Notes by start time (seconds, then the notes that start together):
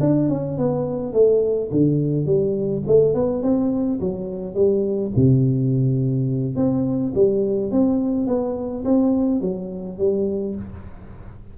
0.00 D4
0.29 C#4
0.57 B3
1.13 A3
1.71 D3
2.25 G3
2.86 A3
3.14 B3
3.42 C4
4.00 F#3
4.54 G3
5.16 C3
6.56 C4
7.14 G3
7.71 C4
8.27 B3
8.84 C4
9.41 F#3
9.98 G3